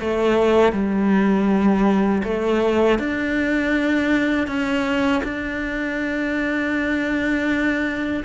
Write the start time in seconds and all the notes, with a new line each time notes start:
0.00 A3
0.73 G3
2.24 A3
2.99 D4
4.47 C#4
5.24 D4